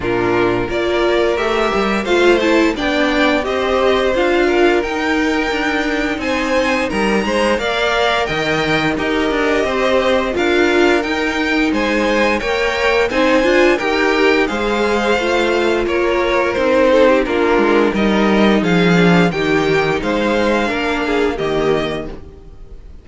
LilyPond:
<<
  \new Staff \with { instrumentName = "violin" } { \time 4/4 \tempo 4 = 87 ais'4 d''4 e''4 f''8 a''8 | g''4 dis''4 f''4 g''4~ | g''4 gis''4 ais''4 f''4 | g''4 dis''2 f''4 |
g''4 gis''4 g''4 gis''4 | g''4 f''2 cis''4 | c''4 ais'4 dis''4 f''4 | g''4 f''2 dis''4 | }
  \new Staff \with { instrumentName = "violin" } { \time 4/4 f'4 ais'2 c''4 | d''4 c''4. ais'4.~ | ais'4 c''4 ais'8 c''8 d''4 | dis''4 ais'4 c''4 ais'4~ |
ais'4 c''4 cis''4 c''4 | ais'4 c''2 ais'4~ | ais'8 a'16 g'16 f'4 ais'4 gis'4 | g'4 c''4 ais'8 gis'8 g'4 | }
  \new Staff \with { instrumentName = "viola" } { \time 4/4 d'4 f'4 g'4 f'8 e'8 | d'4 g'4 f'4 dis'4~ | dis'2. ais'4~ | ais'4 g'2 f'4 |
dis'2 ais'4 dis'8 f'8 | g'4 gis'4 f'2 | dis'4 d'4 dis'4. d'8 | dis'2 d'4 ais4 | }
  \new Staff \with { instrumentName = "cello" } { \time 4/4 ais,4 ais4 a8 g8 a4 | b4 c'4 d'4 dis'4 | d'4 c'4 g8 gis8 ais4 | dis4 dis'8 d'8 c'4 d'4 |
dis'4 gis4 ais4 c'8 d'8 | dis'4 gis4 a4 ais4 | c'4 ais8 gis8 g4 f4 | dis4 gis4 ais4 dis4 | }
>>